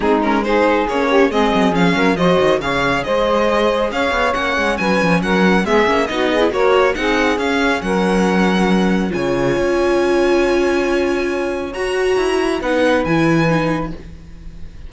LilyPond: <<
  \new Staff \with { instrumentName = "violin" } { \time 4/4 \tempo 4 = 138 gis'8 ais'8 c''4 cis''4 dis''4 | f''4 dis''4 f''4 dis''4~ | dis''4 f''4 fis''4 gis''4 | fis''4 e''4 dis''4 cis''4 |
fis''4 f''4 fis''2~ | fis''4 gis''2.~ | gis''2. ais''4~ | ais''4 fis''4 gis''2 | }
  \new Staff \with { instrumentName = "saxophone" } { \time 4/4 dis'4 gis'4. g'8 gis'4~ | gis'8 ais'8 c''4 cis''4 c''4~ | c''4 cis''2 b'4 | ais'4 gis'4 fis'8 gis'8 ais'4 |
gis'2 ais'2~ | ais'4 cis''2.~ | cis''1~ | cis''4 b'2. | }
  \new Staff \with { instrumentName = "viola" } { \time 4/4 c'8 cis'8 dis'4 cis'4 c'4 | cis'4 fis'4 gis'2~ | gis'2 cis'2~ | cis'4 b8 cis'8 dis'8. e'16 fis'4 |
dis'4 cis'2.~ | cis'4 f'2.~ | f'2. fis'4~ | fis'4 dis'4 e'4 dis'4 | }
  \new Staff \with { instrumentName = "cello" } { \time 4/4 gis2 ais4 gis8 fis8 | f8 fis8 f8 dis8 cis4 gis4~ | gis4 cis'8 b8 ais8 gis8 fis8 f8 | fis4 gis8 ais8 b4 ais4 |
c'4 cis'4 fis2~ | fis4 cis4 cis'2~ | cis'2. fis'4 | e'4 b4 e2 | }
>>